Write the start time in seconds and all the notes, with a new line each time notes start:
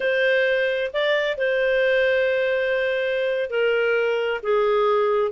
0.00 C5
0.93 D5
1.37 C5
3.49 A#4
4.42 G#4